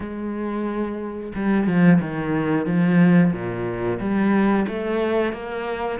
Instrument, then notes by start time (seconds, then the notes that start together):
cello
0.00 G#3
1.35 G3
1.67 F3
2.01 D#3
2.65 F3
3.32 A#2
3.99 G3
4.68 A3
5.32 A#3